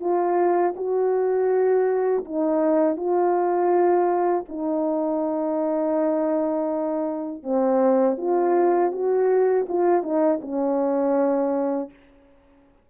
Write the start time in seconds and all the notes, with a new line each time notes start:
0.00 F4
0.76 F#4
2.25 D#4
2.97 F4
4.48 D#4
7.43 C4
8.17 F4
8.92 F#4
9.68 F4
10.03 D#4
10.41 C#4